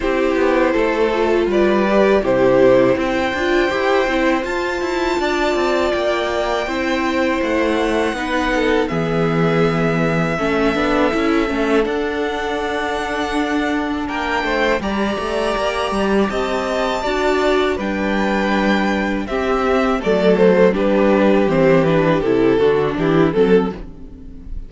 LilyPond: <<
  \new Staff \with { instrumentName = "violin" } { \time 4/4 \tempo 4 = 81 c''2 d''4 c''4 | g''2 a''2 | g''2 fis''2 | e''1 |
fis''2. g''4 | ais''2 a''2 | g''2 e''4 d''8 c''8 | b'4 c''8 b'8 a'4 g'8 a'8 | }
  \new Staff \with { instrumentName = "violin" } { \time 4/4 g'4 a'4 b'4 g'4 | c''2. d''4~ | d''4 c''2 b'8 a'8 | gis'2 a'2~ |
a'2. ais'8 c''8 | d''2 dis''4 d''4 | b'2 g'4 a'4 | g'2~ g'8 fis'8 e'8 a'8 | }
  \new Staff \with { instrumentName = "viola" } { \time 4/4 e'4. f'4 g'8 e'4~ | e'8 f'8 g'8 e'8 f'2~ | f'4 e'2 dis'4 | b2 cis'8 d'8 e'8 cis'8 |
d'1 | g'2. fis'4 | d'2 c'4 a4 | d'4 c'8 d'8 e'8 d'4 c'8 | }
  \new Staff \with { instrumentName = "cello" } { \time 4/4 c'8 b8 a4 g4 c4 | c'8 d'8 e'8 c'8 f'8 e'8 d'8 c'8 | ais4 c'4 a4 b4 | e2 a8 b8 cis'8 a8 |
d'2. ais8 a8 | g8 a8 ais8 g8 c'4 d'4 | g2 c'4 fis4 | g4 e4 c8 d8 e8 fis8 | }
>>